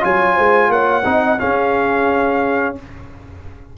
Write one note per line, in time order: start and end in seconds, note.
0.00 0.38 F#3
0.00 1.02 F4
0.00 0.35 C#5
0.00 0.71 G#5
0.35 0.69 G#3
0.35 0.69 C5
0.69 1.03 A#3
0.69 1.05 C#5
0.69 1.39 F#5
1.04 1.39 C4
1.04 1.38 D#4
1.04 1.39 D#5
1.39 2.75 C#4
1.39 2.77 C#4
1.39 2.76 G#4
1.39 2.75 F5